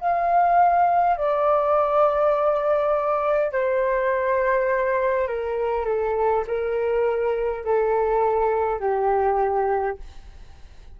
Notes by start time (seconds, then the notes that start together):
0.00 F5
1.17 D5
3.52 C5
5.27 A#4
5.85 A4
6.47 A#4
7.64 A4
8.80 G4